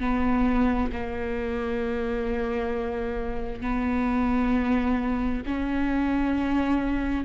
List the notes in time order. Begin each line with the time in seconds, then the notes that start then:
0.00 B3
0.92 A#3
3.61 B3
5.46 C#4